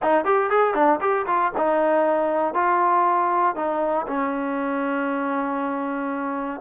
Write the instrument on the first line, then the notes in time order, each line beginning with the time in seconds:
trombone
0.02 D#4
0.24 G4
0.50 G#4
0.74 D4
1.00 G4
1.26 F4
1.57 D#4
2.54 F4
3.55 D#4
4.07 C#4